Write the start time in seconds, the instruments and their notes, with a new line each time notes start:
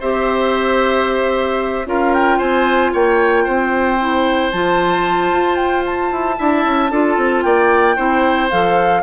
0.00 bassoon C4, clarinet G4, oboe C5, flute E5
1.86 bassoon C#4, clarinet F4, oboe A#4, flute F5
2.14 flute G5
2.38 bassoon C4, oboe C5, flute G#5
2.93 bassoon A#3, oboe C#5, flute G5
3.44 bassoon C4, oboe C5
3.99 clarinet E4
4.51 bassoon F3, clarinet F4, flute A5
5.32 bassoon F4
5.56 flute G5
5.86 flute A5
6.12 bassoon E4
6.36 bassoon D4, clarinet E4, oboe E5
6.65 bassoon C#4
6.90 bassoon D4, clarinet F4, oboe A4
7.17 bassoon C4
7.42 bassoon A#3, oboe D5, flute G5
7.96 bassoon C4, clarinet E4, oboe C5
8.50 bassoon F3, clarinet A4, flute F5